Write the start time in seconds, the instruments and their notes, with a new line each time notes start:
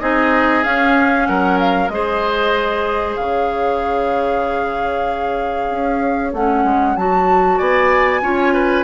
0.00 bassoon C4, clarinet D#4, oboe G#4, flute D#5
0.63 clarinet C#4, bassoon C#4, flute F5
1.27 bassoon F#3, oboe A#4, flute F#5
1.59 flute F5
1.89 bassoon G#3, clarinet G#4, oboe C5, flute D#5
3.16 bassoon C#3, oboe C#5, flute F5
5.70 bassoon C#4
6.33 bassoon A3, clarinet C#4, flute F#5
6.64 bassoon G#3
6.96 bassoon F#3, clarinet F#4, flute A5
7.57 bassoon B3, oboe D5, flute G#5
8.21 bassoon C#4, clarinet F4, oboe C#5
8.53 oboe B4